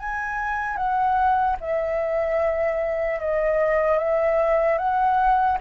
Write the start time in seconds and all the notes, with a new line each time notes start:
0.00 G#5
0.76 F#5
1.61 E5
3.20 D#5
3.99 E5
4.78 F#5